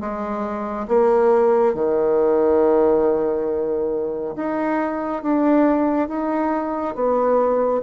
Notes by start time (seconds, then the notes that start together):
0.00 G#3
0.88 A#3
1.74 D#3
4.36 D#4
5.23 D4
6.08 D#4
6.95 B3